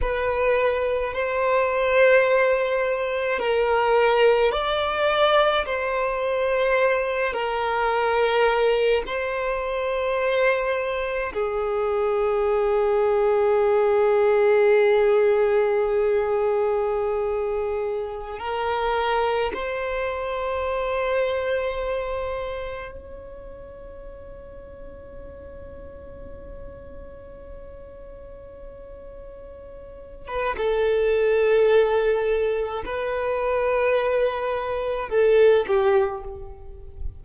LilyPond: \new Staff \with { instrumentName = "violin" } { \time 4/4 \tempo 4 = 53 b'4 c''2 ais'4 | d''4 c''4. ais'4. | c''2 gis'2~ | gis'1~ |
gis'16 ais'4 c''2~ c''8.~ | c''16 cis''2.~ cis''8.~ | cis''2~ cis''8. b'16 a'4~ | a'4 b'2 a'8 g'8 | }